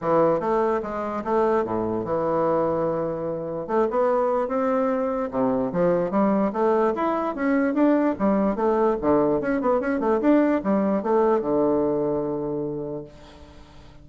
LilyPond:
\new Staff \with { instrumentName = "bassoon" } { \time 4/4 \tempo 4 = 147 e4 a4 gis4 a4 | a,4 e2.~ | e4 a8 b4. c'4~ | c'4 c4 f4 g4 |
a4 e'4 cis'4 d'4 | g4 a4 d4 cis'8 b8 | cis'8 a8 d'4 g4 a4 | d1 | }